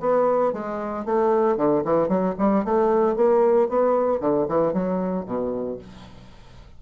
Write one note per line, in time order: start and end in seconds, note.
0.00 0.53 B3
0.53 1.05 G#3
1.05 1.57 A3
1.57 1.83 D3
1.84 2.08 E3
2.08 2.35 F#3
2.39 2.64 G3
2.64 3.16 A3
3.16 3.69 A#3
3.69 4.21 B3
4.21 4.47 D3
4.49 4.73 E3
4.73 5.26 F#3
5.26 5.78 B2